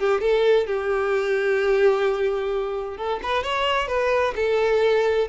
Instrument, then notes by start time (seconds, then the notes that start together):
violin
0.00 G4
0.21 A4
0.67 G4
2.97 A4
3.23 B4
3.44 C#5
3.88 B4
4.36 A4